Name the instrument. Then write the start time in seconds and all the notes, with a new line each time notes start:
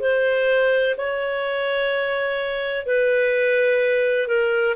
clarinet
0.00 C5
0.97 C#5
2.86 B4
4.28 A#4